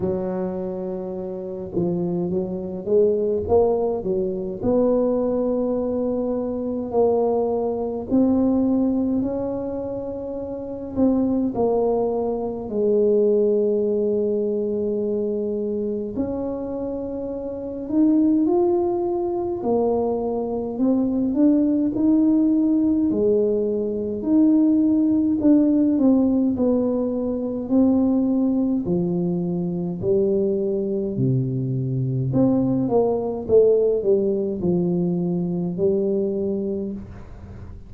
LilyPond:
\new Staff \with { instrumentName = "tuba" } { \time 4/4 \tempo 4 = 52 fis4. f8 fis8 gis8 ais8 fis8 | b2 ais4 c'4 | cis'4. c'8 ais4 gis4~ | gis2 cis'4. dis'8 |
f'4 ais4 c'8 d'8 dis'4 | gis4 dis'4 d'8 c'8 b4 | c'4 f4 g4 c4 | c'8 ais8 a8 g8 f4 g4 | }